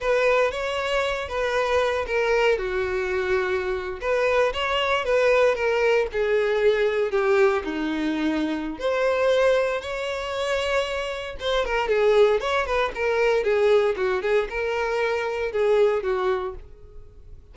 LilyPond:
\new Staff \with { instrumentName = "violin" } { \time 4/4 \tempo 4 = 116 b'4 cis''4. b'4. | ais'4 fis'2~ fis'8. b'16~ | b'8. cis''4 b'4 ais'4 gis'16~ | gis'4.~ gis'16 g'4 dis'4~ dis'16~ |
dis'4 c''2 cis''4~ | cis''2 c''8 ais'8 gis'4 | cis''8 b'8 ais'4 gis'4 fis'8 gis'8 | ais'2 gis'4 fis'4 | }